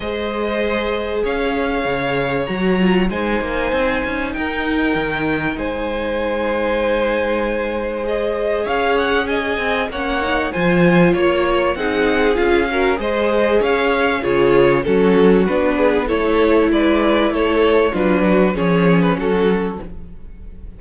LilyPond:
<<
  \new Staff \with { instrumentName = "violin" } { \time 4/4 \tempo 4 = 97 dis''2 f''2 | ais''4 gis''2 g''4~ | g''4 gis''2.~ | gis''4 dis''4 f''8 fis''8 gis''4 |
fis''4 gis''4 cis''4 fis''4 | f''4 dis''4 f''4 cis''4 | a'4 b'4 cis''4 d''4 | cis''4 b'4 cis''8. b'16 a'4 | }
  \new Staff \with { instrumentName = "violin" } { \time 4/4 c''2 cis''2~ | cis''4 c''2 ais'4~ | ais'4 c''2.~ | c''2 cis''4 dis''4 |
cis''4 c''4 cis''4 gis'4~ | gis'8 ais'8 c''4 cis''4 gis'4 | fis'4. gis'8 a'4 b'4 | a'4 f'8 fis'8 gis'4 fis'4 | }
  \new Staff \with { instrumentName = "viola" } { \time 4/4 gis'1 | fis'8 f'8 dis'2.~ | dis'1~ | dis'4 gis'2. |
cis'8 dis'8 f'2 dis'4 | f'8 fis'8 gis'2 f'4 | cis'4 d'4 e'2~ | e'4 d'4 cis'2 | }
  \new Staff \with { instrumentName = "cello" } { \time 4/4 gis2 cis'4 cis4 | fis4 gis8 ais8 c'8 cis'8 dis'4 | dis4 gis2.~ | gis2 cis'4. c'8 |
ais4 f4 ais4 c'4 | cis'4 gis4 cis'4 cis4 | fis4 b4 a4 gis4 | a4 fis4 f4 fis4 | }
>>